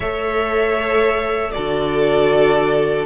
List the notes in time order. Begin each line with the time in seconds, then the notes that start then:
0.00 A3 A4 C#5 E5
1.51 D3 F#4 A4 D5